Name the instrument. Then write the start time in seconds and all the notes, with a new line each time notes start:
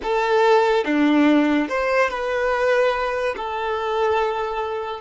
violin
0.02 A4
0.84 D4
1.68 C5
2.10 B4
3.36 A4